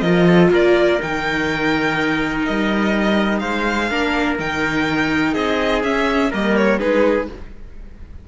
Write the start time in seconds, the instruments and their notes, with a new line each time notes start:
0.00 cello F3, viola F4, trumpet A#4, violin D#5
0.26 trumpet A4
0.51 cello A#3, trumpet A#4, violin D5
0.99 cello D#3, viola D#4, violin G5
2.45 cello G3, violin D#5
3.39 cello G#3, trumpet C5, violin F5
3.90 cello A#3, viola D4, trumpet A#4
4.39 cello D#3, viola D#4, violin G5
5.33 cello C4, trumpet G#4, violin D#5
5.83 viola C#4, cello C#4, violin E5
6.30 cello G3, viola A#3, trumpet A#4, violin D#5
6.56 violin C#5
6.79 cello G#3, viola D#4, trumpet G#4, violin B4